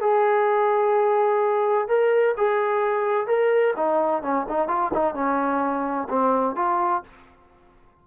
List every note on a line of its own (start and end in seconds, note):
0.00 1.87 G#4
1.88 2.35 A#4
2.37 3.27 G#4
3.27 3.74 A#4
3.76 4.22 D#4
4.22 4.46 C#4
4.48 4.67 D#4
4.67 4.91 F4
4.93 5.14 D#4
5.14 6.08 C#4
6.09 6.55 C4
6.55 7.02 F4